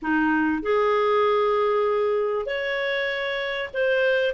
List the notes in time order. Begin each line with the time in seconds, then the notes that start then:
0.01 D#4
0.62 G#4
2.46 C#5
3.73 C5